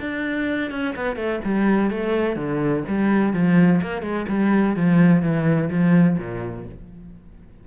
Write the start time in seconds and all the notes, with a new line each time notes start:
0.00 D4
0.71 C#4
0.96 B3
1.16 A3
1.45 G3
1.90 A3
2.36 D3
2.88 G3
3.33 F3
3.82 A#3
4.02 G#3
4.28 G3
4.76 F3
5.22 E3
5.70 F3
6.18 A#2